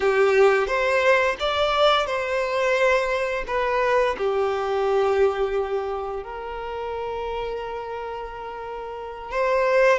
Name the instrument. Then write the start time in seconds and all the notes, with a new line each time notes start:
violin
0.00 G4
0.67 C5
1.39 D5
2.06 C5
3.47 B4
4.17 G4
6.23 A#4
9.31 C5